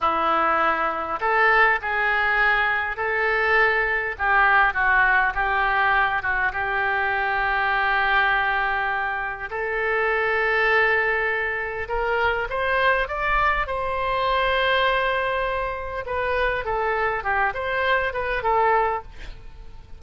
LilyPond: \new Staff \with { instrumentName = "oboe" } { \time 4/4 \tempo 4 = 101 e'2 a'4 gis'4~ | gis'4 a'2 g'4 | fis'4 g'4. fis'8 g'4~ | g'1 |
a'1 | ais'4 c''4 d''4 c''4~ | c''2. b'4 | a'4 g'8 c''4 b'8 a'4 | }